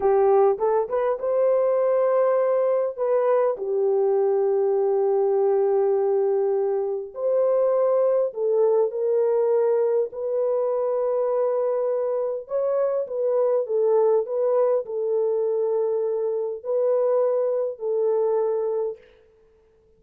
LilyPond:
\new Staff \with { instrumentName = "horn" } { \time 4/4 \tempo 4 = 101 g'4 a'8 b'8 c''2~ | c''4 b'4 g'2~ | g'1 | c''2 a'4 ais'4~ |
ais'4 b'2.~ | b'4 cis''4 b'4 a'4 | b'4 a'2. | b'2 a'2 | }